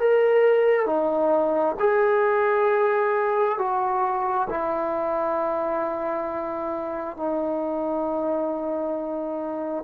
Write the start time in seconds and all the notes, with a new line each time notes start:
0.00 A#4
0.87 D#4
1.80 G#4
3.59 F#4
4.50 E4
7.17 D#4